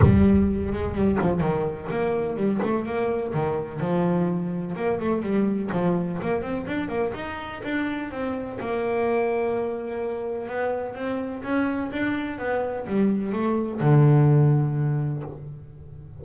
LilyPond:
\new Staff \with { instrumentName = "double bass" } { \time 4/4 \tempo 4 = 126 g4. gis8 g8 f8 dis4 | ais4 g8 a8 ais4 dis4 | f2 ais8 a8 g4 | f4 ais8 c'8 d'8 ais8 dis'4 |
d'4 c'4 ais2~ | ais2 b4 c'4 | cis'4 d'4 b4 g4 | a4 d2. | }